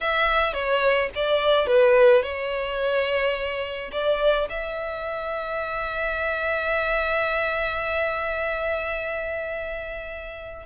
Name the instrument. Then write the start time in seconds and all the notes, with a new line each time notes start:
violin
0.01 E5
0.53 C#5
1.15 D5
1.66 B4
2.22 C#5
3.92 D5
4.49 E5